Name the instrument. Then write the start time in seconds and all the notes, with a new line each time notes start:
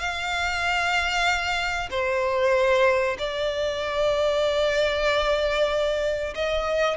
violin
0.00 F5
1.91 C5
3.19 D5
6.35 D#5